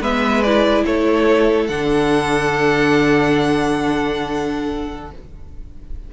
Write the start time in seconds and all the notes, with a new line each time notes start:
0.00 G#3 B3 B4 E5
0.43 E4 D5
0.85 A3 A4 C#5
1.67 D3 D4 F#5